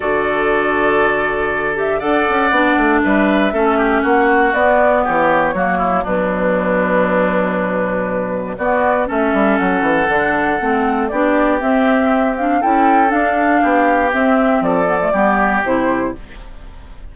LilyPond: <<
  \new Staff \with { instrumentName = "flute" } { \time 4/4 \tempo 4 = 119 d''2.~ d''8 e''8 | fis''2 e''2 | fis''4 d''4 cis''2 | b'1~ |
b'4 d''4 e''4 fis''4~ | fis''2 d''4 e''4~ | e''8 f''8 g''4 f''2 | e''4 d''2 c''4 | }
  \new Staff \with { instrumentName = "oboe" } { \time 4/4 a'1 | d''2 b'4 a'8 g'8 | fis'2 g'4 fis'8 e'8 | d'1~ |
d'4 fis'4 a'2~ | a'2 g'2~ | g'4 a'2 g'4~ | g'4 a'4 g'2 | }
  \new Staff \with { instrumentName = "clarinet" } { \time 4/4 fis'2.~ fis'8 g'8 | a'4 d'2 cis'4~ | cis'4 b2 ais4 | fis1~ |
fis4 b4 cis'2 | d'4 c'4 d'4 c'4~ | c'8 d'8 e'4 d'2 | c'4. b16 a16 b4 e'4 | }
  \new Staff \with { instrumentName = "bassoon" } { \time 4/4 d1 | d'8 cis'8 b8 a8 g4 a4 | ais4 b4 e4 fis4 | b,1~ |
b,4 b4 a8 g8 fis8 e8 | d4 a4 b4 c'4~ | c'4 cis'4 d'4 b4 | c'4 f4 g4 c4 | }
>>